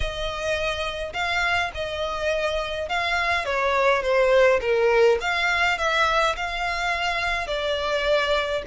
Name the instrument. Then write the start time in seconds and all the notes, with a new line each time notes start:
violin
0.00 D#5
1.13 F5
1.74 D#5
2.88 F5
3.45 C#5
4.02 C5
4.60 A#4
5.21 F5
5.77 E5
6.35 F5
7.47 D5